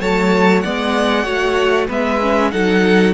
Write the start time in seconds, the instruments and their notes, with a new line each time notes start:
0.00 cello F#3, viola A3, violin C#5 A5
0.61 cello G#3, viola B3, violin D5 F#5
1.23 cello A3, viola F#4, violin C#5
1.88 cello G#3, viola B3, violin B4 E5
2.21 viola C#4
2.51 cello F#3, viola D#4, violin A4 F#5